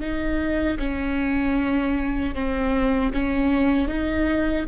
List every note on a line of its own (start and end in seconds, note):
0.00 0.78 D#4
0.79 2.34 C#4
2.34 3.12 C4
3.13 3.88 C#4
3.88 4.66 D#4